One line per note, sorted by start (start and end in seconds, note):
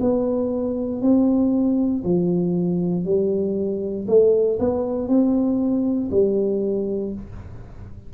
0.00 1.01 B3
1.01 2.03 C4
2.03 3.05 F3
3.05 4.06 G3
4.07 4.58 A3
4.59 5.08 B3
5.08 6.09 C4
6.11 7.13 G3